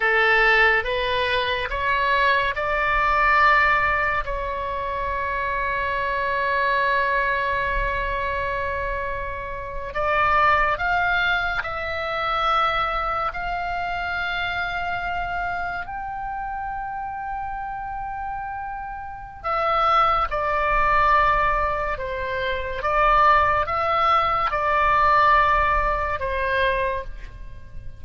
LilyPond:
\new Staff \with { instrumentName = "oboe" } { \time 4/4 \tempo 4 = 71 a'4 b'4 cis''4 d''4~ | d''4 cis''2.~ | cis''2.~ cis''8. d''16~ | d''8. f''4 e''2 f''16~ |
f''2~ f''8. g''4~ g''16~ | g''2. e''4 | d''2 c''4 d''4 | e''4 d''2 c''4 | }